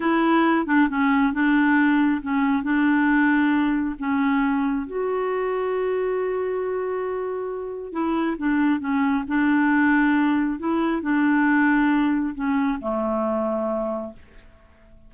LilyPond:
\new Staff \with { instrumentName = "clarinet" } { \time 4/4 \tempo 4 = 136 e'4. d'8 cis'4 d'4~ | d'4 cis'4 d'2~ | d'4 cis'2 fis'4~ | fis'1~ |
fis'2 e'4 d'4 | cis'4 d'2. | e'4 d'2. | cis'4 a2. | }